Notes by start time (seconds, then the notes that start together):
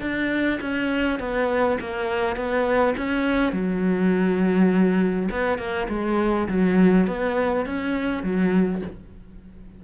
0.00 D4
0.60 C#4
1.19 B3
1.80 A#3
2.36 B3
2.97 C#4
3.52 F#3
5.31 B3
5.58 A#3
5.89 G#3
6.48 F#3
7.07 B3
7.66 C#4
8.23 F#3